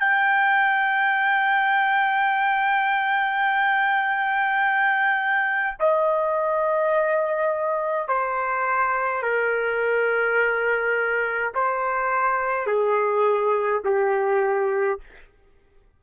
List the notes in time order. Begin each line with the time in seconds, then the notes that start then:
0.00 G5
5.80 D#5
8.09 C5
9.23 A#4
11.55 C5
12.67 G#4
13.85 G4